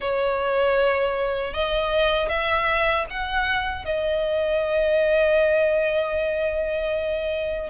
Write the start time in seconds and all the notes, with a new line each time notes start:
0.00 C#5
1.53 D#5
2.29 E5
3.09 F#5
3.85 D#5